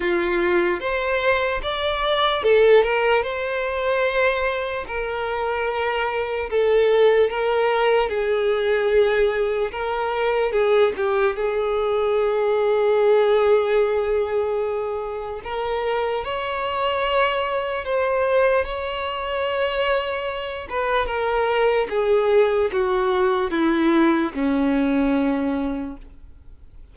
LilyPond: \new Staff \with { instrumentName = "violin" } { \time 4/4 \tempo 4 = 74 f'4 c''4 d''4 a'8 ais'8 | c''2 ais'2 | a'4 ais'4 gis'2 | ais'4 gis'8 g'8 gis'2~ |
gis'2. ais'4 | cis''2 c''4 cis''4~ | cis''4. b'8 ais'4 gis'4 | fis'4 e'4 cis'2 | }